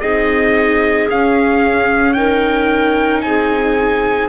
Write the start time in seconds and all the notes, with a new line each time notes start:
0.00 C4 D#4 G#4 D#5
1.09 C#4 F5
2.13 D#4 A#4 G5
3.21 C4 G#4 G#5